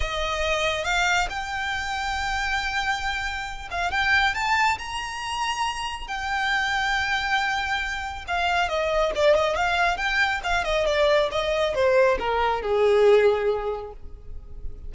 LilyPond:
\new Staff \with { instrumentName = "violin" } { \time 4/4 \tempo 4 = 138 dis''2 f''4 g''4~ | g''1~ | g''8 f''8 g''4 a''4 ais''4~ | ais''2 g''2~ |
g''2. f''4 | dis''4 d''8 dis''8 f''4 g''4 | f''8 dis''8 d''4 dis''4 c''4 | ais'4 gis'2. | }